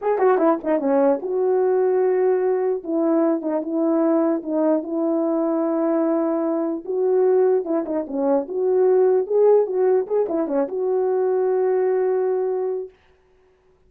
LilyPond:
\new Staff \with { instrumentName = "horn" } { \time 4/4 \tempo 4 = 149 gis'8 fis'8 e'8 dis'8 cis'4 fis'4~ | fis'2. e'4~ | e'8 dis'8 e'2 dis'4 | e'1~ |
e'4 fis'2 e'8 dis'8 | cis'4 fis'2 gis'4 | fis'4 gis'8 e'8 cis'8 fis'4.~ | fis'1 | }